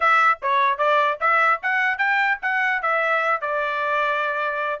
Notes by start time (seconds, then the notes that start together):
0.00 E5
0.41 C#5
0.78 D5
1.20 E5
1.62 F#5
1.98 G5
2.41 F#5
2.82 E5
3.41 D5